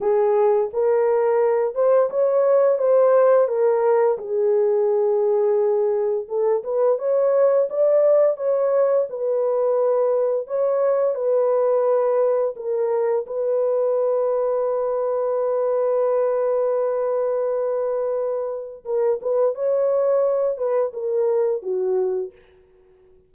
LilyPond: \new Staff \with { instrumentName = "horn" } { \time 4/4 \tempo 4 = 86 gis'4 ais'4. c''8 cis''4 | c''4 ais'4 gis'2~ | gis'4 a'8 b'8 cis''4 d''4 | cis''4 b'2 cis''4 |
b'2 ais'4 b'4~ | b'1~ | b'2. ais'8 b'8 | cis''4. b'8 ais'4 fis'4 | }